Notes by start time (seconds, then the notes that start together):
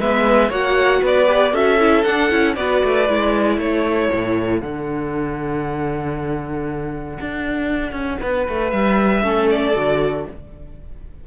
0.00 G#3 B3 B4 E5
0.49 A#3 F#4 C#5 F#5
1.02 B3 B4 D5
1.26 G4
1.52 C#4 F#4 A4 E5
1.79 E4
2.04 D4 F#5
2.30 C#4 E4
2.56 B3 F#4 B4 D5
2.84 A3
3.09 G#3 E4
3.58 A3 A4 C#5
4.13 A2
4.61 D3 D4 F#5
7.21 D4
7.93 C#4
8.21 B3 B4
8.49 A3
8.71 G3 E5
9.23 A3 C#4 A4
9.51 D5
9.75 D3 F#4